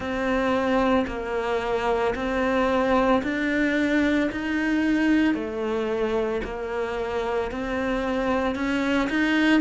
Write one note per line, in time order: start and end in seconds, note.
0.00 1.05 C4
1.07 2.14 A#3
2.15 3.22 C4
3.22 4.30 D4
4.31 5.34 D#4
5.34 6.41 A3
6.43 7.50 A#3
7.51 8.55 C4
8.55 9.08 C#4
9.09 9.60 D#4